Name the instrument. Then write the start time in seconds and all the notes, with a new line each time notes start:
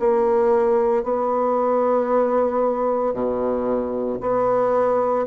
bassoon
0.00 A#3
1.04 B3
3.14 B2
4.21 B3